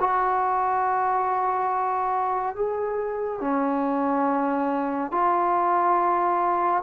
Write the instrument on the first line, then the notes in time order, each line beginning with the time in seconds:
trombone
0.00 F#4
2.56 G#4
3.41 C#4
5.12 F4